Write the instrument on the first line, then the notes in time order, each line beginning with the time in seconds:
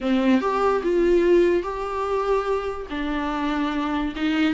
viola
0.01 C4
0.40 G4
0.83 F4
1.63 G4
2.90 D4
4.16 D#4